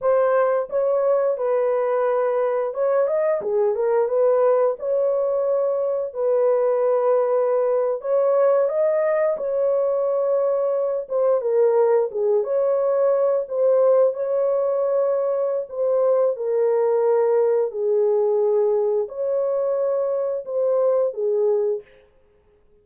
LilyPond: \new Staff \with { instrumentName = "horn" } { \time 4/4 \tempo 4 = 88 c''4 cis''4 b'2 | cis''8 dis''8 gis'8 ais'8 b'4 cis''4~ | cis''4 b'2~ b'8. cis''16~ | cis''8. dis''4 cis''2~ cis''16~ |
cis''16 c''8 ais'4 gis'8 cis''4. c''16~ | c''8. cis''2~ cis''16 c''4 | ais'2 gis'2 | cis''2 c''4 gis'4 | }